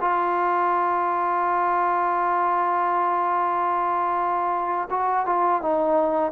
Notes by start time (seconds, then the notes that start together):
0.00 F4
4.90 F#4
5.25 F4
5.61 D#4